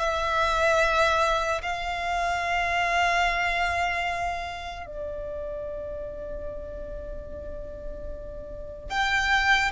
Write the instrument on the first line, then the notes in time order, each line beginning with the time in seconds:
violin
0.00 E5
1.63 F5
4.87 D5
8.90 G5